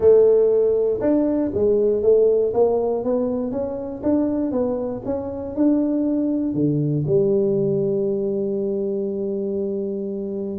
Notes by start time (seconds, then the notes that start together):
0.00 A3
1.00 D4
1.54 G#3
2.02 A3
2.53 A#3
3.04 B3
3.51 C#4
4.02 D4
4.51 B3
5.05 C#4
5.55 D4
6.54 D3
7.07 G3